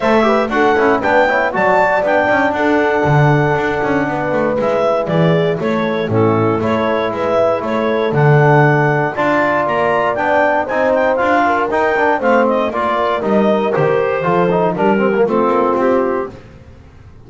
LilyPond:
<<
  \new Staff \with { instrumentName = "clarinet" } { \time 4/4 \tempo 4 = 118 e''4 fis''4 g''4 a''4 | g''4 fis''2.~ | fis''4 e''4 d''4 cis''4 | a'4 cis''4 e''4 cis''4 |
fis''2 a''4 ais''4 | g''4 gis''8 g''8 f''4 g''4 | f''8 dis''8 d''4 dis''4 c''4~ | c''4 ais'4 a'4 g'4 | }
  \new Staff \with { instrumentName = "horn" } { \time 4/4 c''8 b'8 a'4 b'8 cis''8 d''4~ | d''4 a'2. | b'2 gis'4 a'4 | e'4 a'4 b'4 a'4~ |
a'2 d''2~ | d''4 c''4. ais'4. | c''4 ais'2. | a'4 g'4 f'2 | }
  \new Staff \with { instrumentName = "trombone" } { \time 4/4 a'8 g'8 fis'8 e'8 d'8 e'8 fis'4 | d'1~ | d'4 e'2. | cis'4 e'2. |
d'2 f'2 | d'4 dis'4 f'4 dis'8 d'8 | c'4 f'4 dis'4 g'4 | f'8 dis'8 d'8 c'16 ais16 c'2 | }
  \new Staff \with { instrumentName = "double bass" } { \time 4/4 a4 d'8 cis'8 b4 fis4 | b8 cis'8 d'4 d4 d'8 cis'8 | b8 a8 gis4 e4 a4 | a,4 a4 gis4 a4 |
d2 d'4 ais4 | b4 c'4 d'4 dis'4 | a4 ais4 g4 dis4 | f4 g4 a8 ais8 c'4 | }
>>